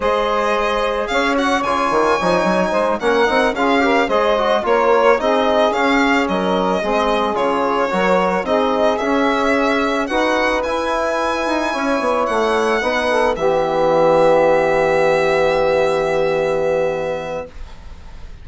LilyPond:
<<
  \new Staff \with { instrumentName = "violin" } { \time 4/4 \tempo 4 = 110 dis''2 f''8 fis''8 gis''4~ | gis''4. fis''4 f''4 dis''8~ | dis''8 cis''4 dis''4 f''4 dis''8~ | dis''4. cis''2 dis''8~ |
dis''8 e''2 fis''4 gis''8~ | gis''2~ gis''8 fis''4.~ | fis''8 e''2.~ e''8~ | e''1 | }
  \new Staff \with { instrumentName = "saxophone" } { \time 4/4 c''2 cis''2~ | cis''4 c''8 ais'4 gis'8 ais'8 c''8~ | c''8 ais'4 gis'2 ais'8~ | ais'8 gis'2 ais'4 gis'8~ |
gis'2~ gis'8 b'4.~ | b'4. cis''2 b'8 | a'8 g'2.~ g'8~ | g'1 | }
  \new Staff \with { instrumentName = "trombone" } { \time 4/4 gis'2~ gis'8 fis'8 f'4 | dis'4. cis'8 dis'8 f'8 g'8 gis'8 | fis'8 f'4 dis'4 cis'4.~ | cis'8 c'4 f'4 fis'4 dis'8~ |
dis'8 cis'2 fis'4 e'8~ | e'2.~ e'8 dis'8~ | dis'8 b2.~ b8~ | b1 | }
  \new Staff \with { instrumentName = "bassoon" } { \time 4/4 gis2 cis'4 cis8 dis8 | f8 fis8 gis8 ais8 c'8 cis'4 gis8~ | gis8 ais4 c'4 cis'4 fis8~ | fis8 gis4 cis4 fis4 c'8~ |
c'8 cis'2 dis'4 e'8~ | e'4 dis'8 cis'8 b8 a4 b8~ | b8 e2.~ e8~ | e1 | }
>>